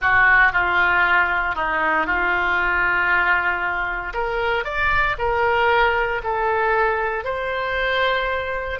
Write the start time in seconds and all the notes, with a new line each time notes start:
0.00 F#4
0.52 F4
1.55 D#4
2.06 F4
4.13 A#4
4.64 D5
5.18 A#4
6.23 A4
7.24 C5